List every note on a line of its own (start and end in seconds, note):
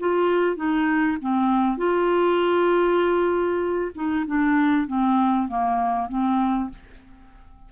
0.00 0.57 F4
0.57 1.18 D#4
1.21 1.78 C4
1.78 3.92 F4
3.95 4.26 D#4
4.27 4.87 D4
4.87 5.49 C4
5.49 6.09 A#3
6.09 6.70 C4